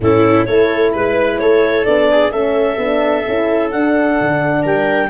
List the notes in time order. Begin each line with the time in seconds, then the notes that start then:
0.00 A2 C#4 E4 A4
0.45 A3 E4 A4 C#5
0.92 G#3 B4
1.39 A3 A4 C#5
1.84 B3 D4 D5
2.11 G#4
2.31 A3 C#4 A4 E5
2.77 B3 D4
3.27 C#4 E4
3.70 D4 F#5
4.20 D3
4.63 G3 A#4 G5